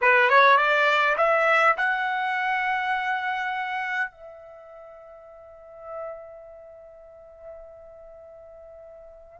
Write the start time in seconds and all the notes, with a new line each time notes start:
0.01 B4
0.29 C#5
0.57 D5
1.17 E5
1.77 F#5
4.11 E5